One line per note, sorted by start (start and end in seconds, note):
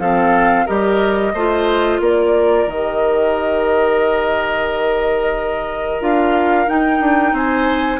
0.00 0.67 F3
0.00 0.67 C4
0.00 0.66 A4
0.00 0.67 F5
0.66 1.34 G3
0.66 1.34 G4
0.66 1.33 A#4
0.66 2.01 D#5
1.34 2.00 A3
1.34 2.69 F4
1.34 2.01 C5
2.00 2.67 A#3
2.00 7.35 A#4
2.00 2.69 D5
2.67 6.00 D#3
2.67 6.01 G4
2.67 6.02 D#5
6.01 6.68 D4
6.01 6.67 F4
6.01 6.69 F5
6.67 8.00 D#4
6.67 7.00 D#4
6.67 7.36 G5
7.00 7.33 D4
7.33 8.00 C4
7.33 8.00 C5
7.33 8.00 G#5